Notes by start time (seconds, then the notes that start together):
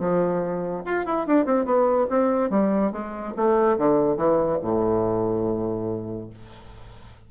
0.00 F3
0.85 F4
1.06 E4
1.27 D4
1.46 C4
1.66 B3
2.10 C4
2.50 G3
2.92 G#3
3.37 A3
3.78 D3
4.17 E3
4.62 A2